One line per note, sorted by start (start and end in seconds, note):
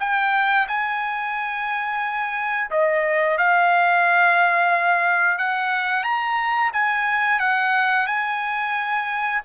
0.00 0.67 G5
0.68 2.71 G#5
2.71 3.38 D#5
3.38 5.39 F5
5.39 6.04 F#5
6.04 6.71 A#5
6.73 7.40 G#5
7.40 8.07 F#5
8.07 9.42 G#5